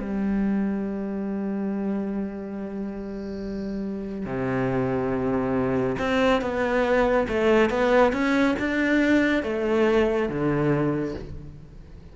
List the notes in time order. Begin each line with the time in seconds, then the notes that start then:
0.00 G3
4.25 C3
5.99 C4
6.41 B3
7.28 A3
7.70 B3
8.13 C#4
8.59 D4
9.43 A3
10.29 D3